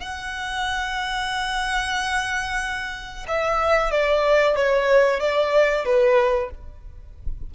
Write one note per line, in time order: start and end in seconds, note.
0.00 3.26 F#5
3.28 3.91 E5
3.91 4.56 D5
4.56 5.19 C#5
5.19 5.85 D5
5.85 6.50 B4